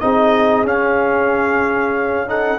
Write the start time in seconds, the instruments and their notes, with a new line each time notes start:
0.00 tuba C4, trombone D#4, horn G#4, trumpet D#5
0.63 tuba C#4, trombone C#4, trumpet F5
2.27 trombone D#4, horn A4, trumpet F#5